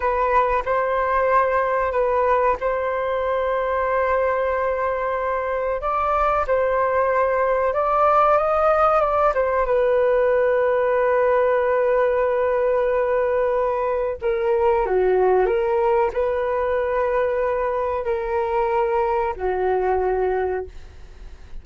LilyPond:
\new Staff \with { instrumentName = "flute" } { \time 4/4 \tempo 4 = 93 b'4 c''2 b'4 | c''1~ | c''4 d''4 c''2 | d''4 dis''4 d''8 c''8 b'4~ |
b'1~ | b'2 ais'4 fis'4 | ais'4 b'2. | ais'2 fis'2 | }